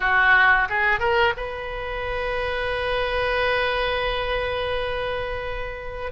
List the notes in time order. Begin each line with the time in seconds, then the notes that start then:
0.00 F#4
0.69 G#4
0.99 A#4
1.36 B4